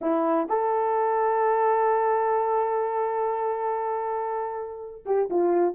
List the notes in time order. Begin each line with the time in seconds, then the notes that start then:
0.01 E4
0.48 A4
5.05 G4
5.30 F4